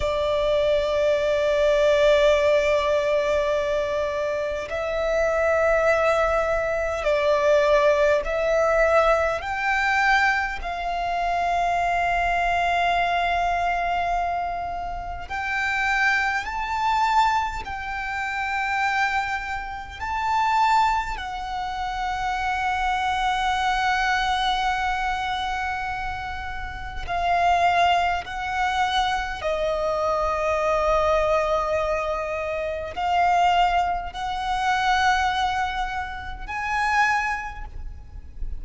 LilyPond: \new Staff \with { instrumentName = "violin" } { \time 4/4 \tempo 4 = 51 d''1 | e''2 d''4 e''4 | g''4 f''2.~ | f''4 g''4 a''4 g''4~ |
g''4 a''4 fis''2~ | fis''2. f''4 | fis''4 dis''2. | f''4 fis''2 gis''4 | }